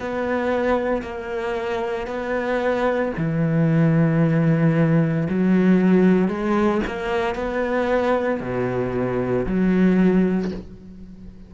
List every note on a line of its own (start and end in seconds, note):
0.00 1.02 B3
1.02 2.07 A#3
2.07 3.12 B3
3.18 5.28 E3
5.30 6.29 F#3
6.29 6.81 G#3
6.87 7.35 A#3
7.35 8.41 B3
8.41 9.46 B2
9.46 10.52 F#3